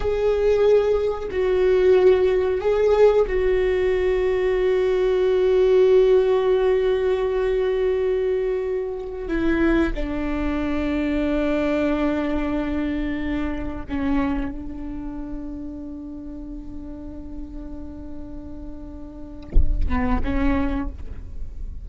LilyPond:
\new Staff \with { instrumentName = "viola" } { \time 4/4 \tempo 4 = 92 gis'2 fis'2 | gis'4 fis'2.~ | fis'1~ | fis'2~ fis'16 e'4 d'8.~ |
d'1~ | d'4~ d'16 cis'4 d'4.~ d'16~ | d'1~ | d'2~ d'8 b8 cis'4 | }